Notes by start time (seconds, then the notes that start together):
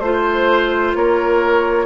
0.00 A3 F4 C5
0.95 A#3 A#4 C#5